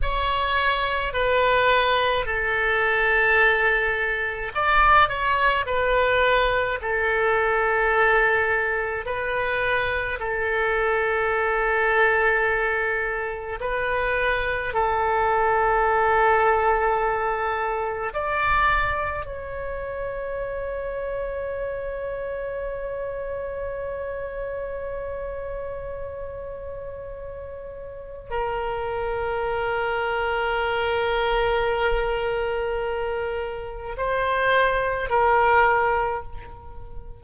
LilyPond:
\new Staff \with { instrumentName = "oboe" } { \time 4/4 \tempo 4 = 53 cis''4 b'4 a'2 | d''8 cis''8 b'4 a'2 | b'4 a'2. | b'4 a'2. |
d''4 cis''2.~ | cis''1~ | cis''4 ais'2.~ | ais'2 c''4 ais'4 | }